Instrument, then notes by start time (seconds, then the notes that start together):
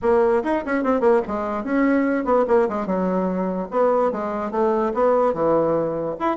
bassoon
0.02 A#3
0.43 D#4
0.65 C#4
0.83 C4
1.00 A#3
1.27 G#3
1.64 C#4
2.24 B3
2.47 A#3
2.69 G#3
2.86 F#3
3.70 B3
4.11 G#3
4.51 A3
4.94 B3
5.33 E3
6.19 E4